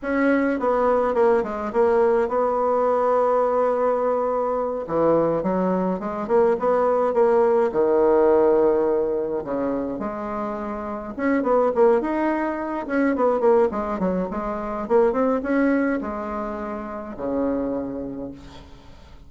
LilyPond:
\new Staff \with { instrumentName = "bassoon" } { \time 4/4 \tempo 4 = 105 cis'4 b4 ais8 gis8 ais4 | b1~ | b8 e4 fis4 gis8 ais8 b8~ | b8 ais4 dis2~ dis8~ |
dis8 cis4 gis2 cis'8 | b8 ais8 dis'4. cis'8 b8 ais8 | gis8 fis8 gis4 ais8 c'8 cis'4 | gis2 cis2 | }